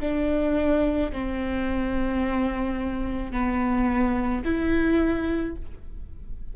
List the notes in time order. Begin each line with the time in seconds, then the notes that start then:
0.00 D4
1.12 C4
3.32 B3
4.44 E4